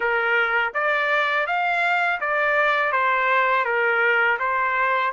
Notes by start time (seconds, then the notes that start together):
0.00 A#4
0.74 D5
1.46 F5
2.20 D5
2.91 C5
3.64 A#4
4.39 C5